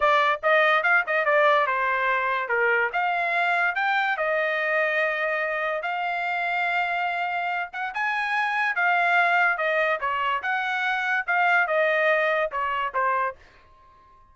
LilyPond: \new Staff \with { instrumentName = "trumpet" } { \time 4/4 \tempo 4 = 144 d''4 dis''4 f''8 dis''8 d''4 | c''2 ais'4 f''4~ | f''4 g''4 dis''2~ | dis''2 f''2~ |
f''2~ f''8 fis''8 gis''4~ | gis''4 f''2 dis''4 | cis''4 fis''2 f''4 | dis''2 cis''4 c''4 | }